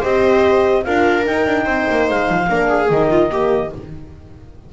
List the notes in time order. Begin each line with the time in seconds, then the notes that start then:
0.00 C4 G4 C5 D#5
0.84 D4 F4 A#4 F5
1.24 D#4 G5
1.47 D4
1.65 C4 C5
1.90 A#3
2.10 G#3 F5
2.29 F3
2.49 A#3 D4 A#4
2.69 G#4
2.90 D#3 D#4 D#5
3.10 F4
3.30 A#3 G4